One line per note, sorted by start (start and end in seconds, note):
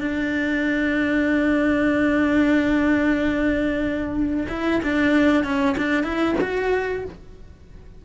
0.00 4.47 D4
4.48 4.80 E4
4.83 5.43 D4
5.43 5.75 C#4
5.77 6.03 D4
6.03 6.35 E4
6.41 7.05 F#4